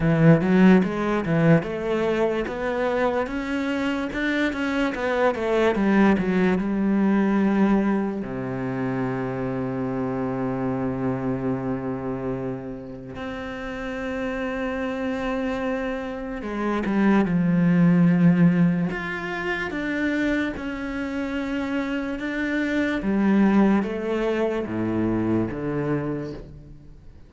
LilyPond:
\new Staff \with { instrumentName = "cello" } { \time 4/4 \tempo 4 = 73 e8 fis8 gis8 e8 a4 b4 | cis'4 d'8 cis'8 b8 a8 g8 fis8 | g2 c2~ | c1 |
c'1 | gis8 g8 f2 f'4 | d'4 cis'2 d'4 | g4 a4 a,4 d4 | }